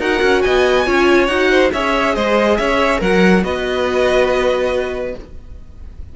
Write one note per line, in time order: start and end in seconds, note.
0.00 0.21 D#4
0.00 0.86 F#4
0.00 0.43 A#4
0.00 0.42 F#5
0.23 0.44 C#4
0.42 0.87 B3
0.42 0.87 D#5
0.42 1.27 G#5
0.86 1.29 C#4
0.86 1.29 F4
0.86 1.51 C#5
1.27 1.71 D#4
1.27 1.72 F#4
1.27 1.70 F#5
1.51 1.73 C5
1.73 2.16 C#4
1.73 2.98 G#4
1.73 2.15 C#5
1.73 2.16 E5
2.15 2.59 G#3
2.15 2.58 C5
2.15 2.58 D#5
2.58 3.01 C#4
2.58 3.01 C#5
2.58 3.00 E5
2.98 3.44 F#3
2.98 3.41 A#4
2.98 3.44 A#4
2.98 3.44 F#5
3.42 5.15 B3
3.42 5.14 F#4
3.42 5.17 B4
3.42 5.16 D#5